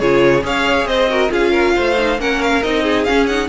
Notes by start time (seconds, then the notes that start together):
0.00 C#3 F4 G#4 C#5
0.42 C#4 G#4 C#5 F5
0.86 C4 C5 D#5
1.10 F#4 A#4
1.29 C#4 F4 G#4 F5
1.52 A#4
1.76 A3 C5
1.98 D#4
2.19 A#3 C#4 A#4 F#5
2.43 F5
2.63 C4 D#4 D#5
2.83 G#4
3.05 C#4 F5
3.27 D#4 F#5